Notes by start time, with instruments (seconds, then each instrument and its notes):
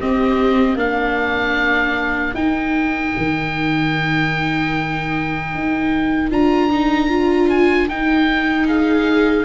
0.00 viola C4 G4, tuba C4, oboe D#5
0.75 tuba A#3, viola D4 A#4, oboe F5
2.34 tuba D#4, viola D#4, oboe G5
3.18 tuba D#3
5.54 tuba D#4
6.31 tuba D4, viola F4, oboe A#5
6.71 viola D#4
7.10 viola F4
7.50 oboe G#5
7.89 tuba D#4, viola D#4, oboe G5
8.67 viola G#4, oboe F5